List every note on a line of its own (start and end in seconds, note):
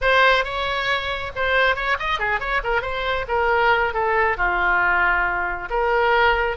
0.01 0.44 C5
0.44 1.31 C#5
1.35 1.75 C5
1.75 1.97 C#5
1.99 2.19 D#5
2.19 2.39 G#4
2.39 2.61 C#5
2.63 2.81 A#4
2.81 3.25 C5
3.28 3.93 A#4
3.93 4.37 A4
4.37 5.68 F4
5.70 6.56 A#4